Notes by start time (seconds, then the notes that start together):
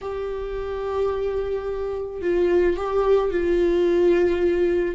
0.01 G4
2.21 F4
2.76 G4
3.30 F4